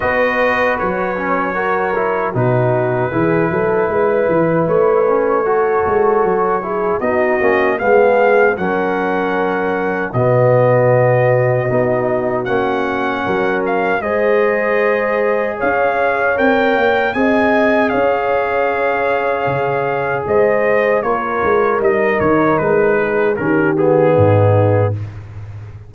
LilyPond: <<
  \new Staff \with { instrumentName = "trumpet" } { \time 4/4 \tempo 4 = 77 dis''4 cis''2 b'4~ | b'2 cis''2~ | cis''4 dis''4 f''4 fis''4~ | fis''4 dis''2. |
fis''4. f''8 dis''2 | f''4 g''4 gis''4 f''4~ | f''2 dis''4 cis''4 | dis''8 cis''8 b'4 ais'8 gis'4. | }
  \new Staff \with { instrumentName = "horn" } { \time 4/4 b'2 ais'4 fis'4 | gis'8 a'8 b'2 a'4~ | a'8 gis'8 fis'4 gis'4 ais'4~ | ais'4 fis'2.~ |
fis'4 ais'4 c''2 | cis''2 dis''4 cis''4~ | cis''2 c''4 ais'4~ | ais'4. gis'8 g'4 dis'4 | }
  \new Staff \with { instrumentName = "trombone" } { \time 4/4 fis'4. cis'8 fis'8 e'8 dis'4 | e'2~ e'8 cis'8 fis'4~ | fis'8 e'8 dis'8 cis'8 b4 cis'4~ | cis'4 b2 dis'4 |
cis'2 gis'2~ | gis'4 ais'4 gis'2~ | gis'2. f'4 | dis'2 cis'8 b4. | }
  \new Staff \with { instrumentName = "tuba" } { \time 4/4 b4 fis2 b,4 | e8 fis8 gis8 e8 a4. gis8 | fis4 b8 ais8 gis4 fis4~ | fis4 b,2 b4 |
ais4 fis4 gis2 | cis'4 c'8 ais8 c'4 cis'4~ | cis'4 cis4 gis4 ais8 gis8 | g8 dis8 gis4 dis4 gis,4 | }
>>